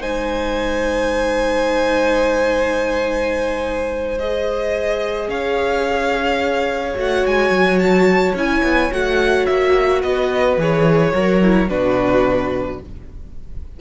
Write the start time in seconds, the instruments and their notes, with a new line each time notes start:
0.00 cello G#3, viola D#4, violin C5 G#5
4.19 viola G#4, violin D#5
5.27 cello C#4, violin C#5 F5
6.95 cello A3, viola F#4, violin F#5
7.26 cello G#3, violin G#5
7.49 cello F#3
7.78 violin A5
8.34 cello C#4, viola E4, violin G#5
8.63 cello B3
8.92 cello A3, viola F#4, violin F#5
9.46 cello A#3, violin E5
10.01 cello B3, violin B4 D#5
10.57 cello E3, viola G#4, violin C#5
11.11 cello F#3, viola F#4, violin A#4
11.42 viola E4
11.68 cello B2, viola D4, violin F#4 B4